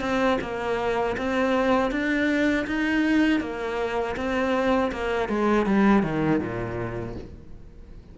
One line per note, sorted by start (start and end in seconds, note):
0.00 0.38 C4
0.41 1.16 A#3
1.17 1.91 C4
1.91 2.66 D4
2.67 3.40 D#4
3.40 4.15 A#3
4.16 4.91 C4
4.92 5.29 A#3
5.29 5.66 G#3
5.66 6.03 G3
6.03 6.40 D#3
6.40 7.15 A#2